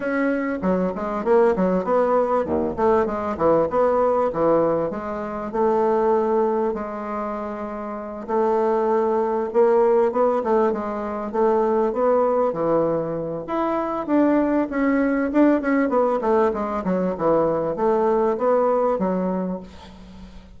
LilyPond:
\new Staff \with { instrumentName = "bassoon" } { \time 4/4 \tempo 4 = 98 cis'4 fis8 gis8 ais8 fis8 b4 | dis,8 a8 gis8 e8 b4 e4 | gis4 a2 gis4~ | gis4. a2 ais8~ |
ais8 b8 a8 gis4 a4 b8~ | b8 e4. e'4 d'4 | cis'4 d'8 cis'8 b8 a8 gis8 fis8 | e4 a4 b4 fis4 | }